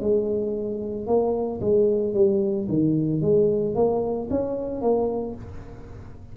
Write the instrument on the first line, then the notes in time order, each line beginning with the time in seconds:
tuba
0.00 G#3
1.07 A#3
1.61 G#3
2.14 G3
2.68 D#3
3.21 G#3
3.75 A#3
4.30 C#4
4.81 A#3